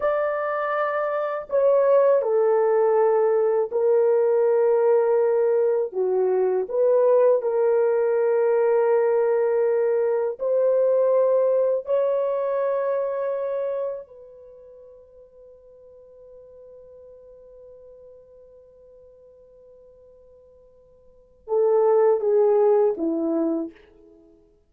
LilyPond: \new Staff \with { instrumentName = "horn" } { \time 4/4 \tempo 4 = 81 d''2 cis''4 a'4~ | a'4 ais'2. | fis'4 b'4 ais'2~ | ais'2 c''2 |
cis''2. b'4~ | b'1~ | b'1~ | b'4 a'4 gis'4 e'4 | }